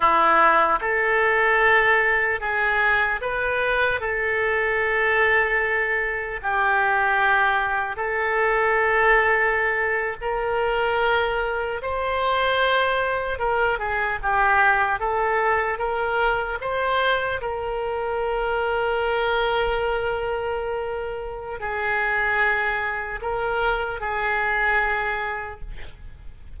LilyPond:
\new Staff \with { instrumentName = "oboe" } { \time 4/4 \tempo 4 = 75 e'4 a'2 gis'4 | b'4 a'2. | g'2 a'2~ | a'8. ais'2 c''4~ c''16~ |
c''8. ais'8 gis'8 g'4 a'4 ais'16~ | ais'8. c''4 ais'2~ ais'16~ | ais'2. gis'4~ | gis'4 ais'4 gis'2 | }